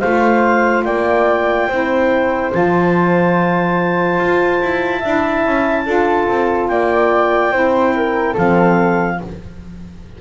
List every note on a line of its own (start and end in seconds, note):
0.00 0.85 A3
0.00 1.69 F4
0.00 0.84 C5
0.00 0.83 F5
0.84 1.68 A#3
0.84 1.68 D5
0.84 2.50 G5
1.68 2.52 C4
1.68 2.52 E4
1.68 4.99 C5
2.52 4.19 F3
2.52 5.02 F4
2.52 6.68 A5
4.19 4.61 F4
4.62 5.03 E4
4.99 5.45 D4
4.99 5.86 E4
4.99 5.82 E5
5.45 5.86 C#4
5.86 6.28 D4
5.86 7.51 F4
5.86 6.69 A4
6.28 6.69 C4
6.68 7.52 A#3
6.68 7.52 D5
6.68 8.35 G5
7.51 8.35 C4
7.51 8.35 E4
7.51 7.93 C5
7.96 8.33 A#4
8.33 9.20 F3
8.33 9.20 C4
8.33 9.16 A4
8.33 9.20 F5